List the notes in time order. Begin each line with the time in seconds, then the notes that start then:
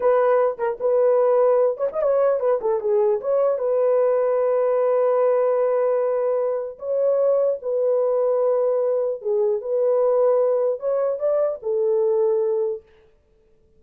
0.00 B4
0.58 A#4
0.80 B4
1.77 C#5
1.92 D#5
2.01 C#5
2.39 B4
2.61 A4
2.80 G#4
3.20 C#5
3.58 B4
6.79 C#5
7.61 B4
9.21 G#4
9.61 B4
10.79 C#5
11.19 D5
11.62 A4